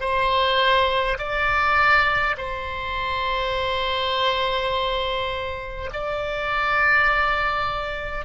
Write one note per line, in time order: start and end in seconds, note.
0.00 1.18 C5
1.18 2.35 D5
2.37 5.90 C5
5.93 8.25 D5